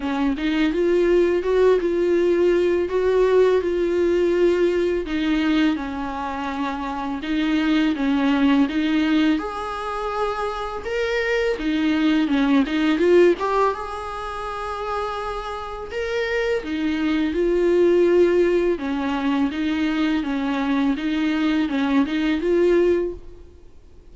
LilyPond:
\new Staff \with { instrumentName = "viola" } { \time 4/4 \tempo 4 = 83 cis'8 dis'8 f'4 fis'8 f'4. | fis'4 f'2 dis'4 | cis'2 dis'4 cis'4 | dis'4 gis'2 ais'4 |
dis'4 cis'8 dis'8 f'8 g'8 gis'4~ | gis'2 ais'4 dis'4 | f'2 cis'4 dis'4 | cis'4 dis'4 cis'8 dis'8 f'4 | }